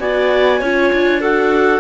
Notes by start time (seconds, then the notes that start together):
0.00 B3 F#4 D5 G#5
0.61 C#4 F4 C#5
0.93 D4
1.21 F#4 A4 F#5